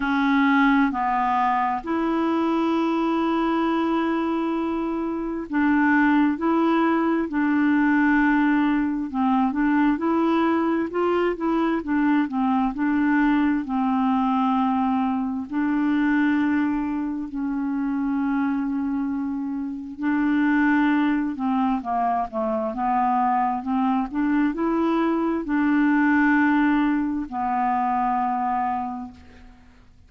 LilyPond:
\new Staff \with { instrumentName = "clarinet" } { \time 4/4 \tempo 4 = 66 cis'4 b4 e'2~ | e'2 d'4 e'4 | d'2 c'8 d'8 e'4 | f'8 e'8 d'8 c'8 d'4 c'4~ |
c'4 d'2 cis'4~ | cis'2 d'4. c'8 | ais8 a8 b4 c'8 d'8 e'4 | d'2 b2 | }